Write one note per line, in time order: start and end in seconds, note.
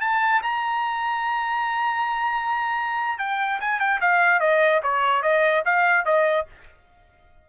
0.00 0.41 A5
0.42 3.18 A#5
3.18 3.59 G5
3.60 3.79 G#5
3.79 4.00 G5
4.00 4.40 F5
4.40 4.81 D#5
4.83 5.22 C#5
5.22 5.63 D#5
5.65 6.05 F5
6.05 6.46 D#5